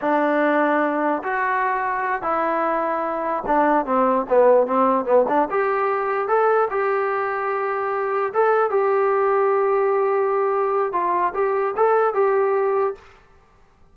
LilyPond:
\new Staff \with { instrumentName = "trombone" } { \time 4/4 \tempo 4 = 148 d'2. fis'4~ | fis'4. e'2~ e'8~ | e'8 d'4 c'4 b4 c'8~ | c'8 b8 d'8 g'2 a'8~ |
a'8 g'2.~ g'8~ | g'8 a'4 g'2~ g'8~ | g'2. f'4 | g'4 a'4 g'2 | }